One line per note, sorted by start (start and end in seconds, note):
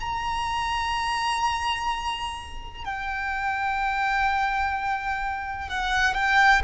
0.00 2.84 A#5
2.84 5.69 G5
5.69 6.14 F#5
6.14 6.61 G5